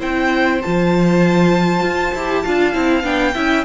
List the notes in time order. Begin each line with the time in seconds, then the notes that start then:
0.00 C4 E4 C5 G5
0.62 F3 F4 A5
1.83 F4
2.15 E4 G4
2.44 D4 F4 F5
2.74 C4 E4
3.04 B3 D4 G5
3.35 C#4 E4 E5